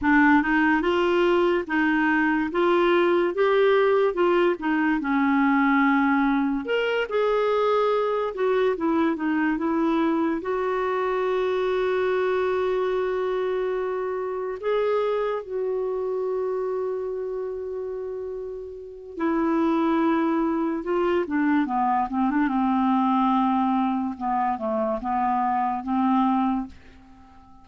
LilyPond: \new Staff \with { instrumentName = "clarinet" } { \time 4/4 \tempo 4 = 72 d'8 dis'8 f'4 dis'4 f'4 | g'4 f'8 dis'8 cis'2 | ais'8 gis'4. fis'8 e'8 dis'8 e'8~ | e'8 fis'2.~ fis'8~ |
fis'4. gis'4 fis'4.~ | fis'2. e'4~ | e'4 f'8 d'8 b8 c'16 d'16 c'4~ | c'4 b8 a8 b4 c'4 | }